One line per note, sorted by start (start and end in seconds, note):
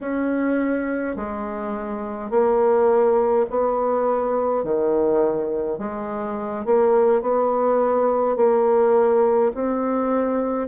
0.01 1.15 C#4
1.15 2.30 G#3
2.30 3.46 A#3
3.50 4.64 B3
4.64 5.78 D#3
5.78 6.65 G#3
6.65 7.21 A#3
7.21 8.36 B3
8.36 9.51 A#3
9.54 10.67 C4